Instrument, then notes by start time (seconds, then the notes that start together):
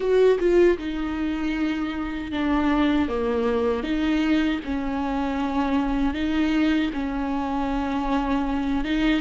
viola
0.00 F#4
0.39 F4
0.77 D#4
2.31 D4
3.08 A#3
3.83 D#4
4.64 C#4
6.14 D#4
6.93 C#4
8.84 D#4